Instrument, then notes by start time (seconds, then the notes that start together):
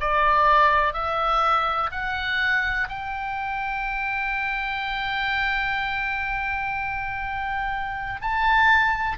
oboe
0.00 D5
0.93 E5
1.91 F#5
2.89 G5
8.21 A5